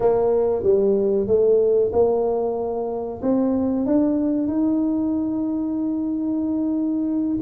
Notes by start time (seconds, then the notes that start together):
0.00 A#3
0.63 G3
1.27 A3
1.92 A#3
3.21 C4
3.86 D4
4.47 D#4